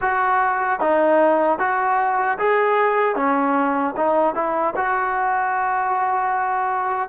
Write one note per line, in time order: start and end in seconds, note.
0.01 0.80 F#4
0.80 1.59 D#4
1.59 2.38 F#4
2.38 3.15 G#4
3.15 3.94 C#4
3.97 4.34 D#4
4.34 4.74 E4
4.76 7.09 F#4